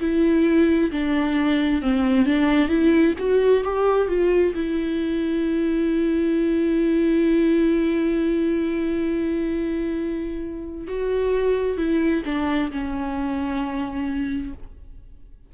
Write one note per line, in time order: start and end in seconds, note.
0.00 0.91 E4
0.91 1.82 D4
1.82 2.26 C4
2.26 2.69 D4
2.69 3.14 E4
3.19 3.64 F#4
3.64 4.08 G4
4.08 4.54 F4
4.55 10.87 E4
10.87 11.77 F#4
11.77 12.23 E4
12.25 12.71 D4
12.71 14.53 C#4